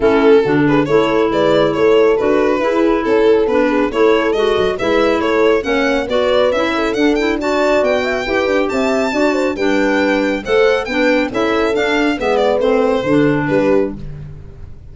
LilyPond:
<<
  \new Staff \with { instrumentName = "violin" } { \time 4/4 \tempo 4 = 138 a'4. b'8 cis''4 d''4 | cis''4 b'2 a'4 | b'4 cis''4 dis''4 e''4 | cis''4 fis''4 d''4 e''4 |
fis''8 g''8 a''4 g''2 | a''2 g''2 | fis''4 g''4 e''4 f''4 | e''8 d''8 c''2 b'4 | }
  \new Staff \with { instrumentName = "horn" } { \time 4/4 e'4 fis'8 gis'8 a'4 b'4 | a'2 gis'4 a'4~ | a'8 gis'8 a'2 b'4 | a'4 cis''4 b'4. a'8~ |
a'4 d''4. e''8 b'4 | e''4 d''8 c''8 b'2 | c''4 b'4 a'2 | b'2 a'4 g'4 | }
  \new Staff \with { instrumentName = "clarinet" } { \time 4/4 cis'4 d'4 e'2~ | e'4 fis'4 e'2 | d'4 e'4 fis'4 e'4~ | e'4 cis'4 fis'4 e'4 |
d'8 e'8 fis'2 g'4~ | g'4 fis'4 d'2 | a'4 d'4 e'4 d'4 | b4 c'4 d'2 | }
  \new Staff \with { instrumentName = "tuba" } { \time 4/4 a4 d4 a4 gis4 | a4 d'4 e'4 cis'4 | b4 a4 gis8 fis8 gis4 | a4 ais4 b4 cis'4 |
d'2 b4 e'8 d'8 | c'4 d'4 g2 | a4 b4 cis'4 d'4 | gis4 a4 d4 g4 | }
>>